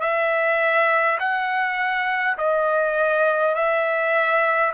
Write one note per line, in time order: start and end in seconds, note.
0.00 1.18 E5
1.19 2.36 F#5
2.37 3.55 D#5
3.55 4.72 E5